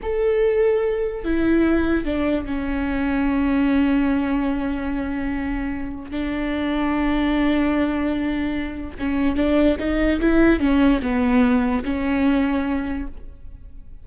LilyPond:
\new Staff \with { instrumentName = "viola" } { \time 4/4 \tempo 4 = 147 a'2. e'4~ | e'4 d'4 cis'2~ | cis'1~ | cis'2. d'4~ |
d'1~ | d'2 cis'4 d'4 | dis'4 e'4 cis'4 b4~ | b4 cis'2. | }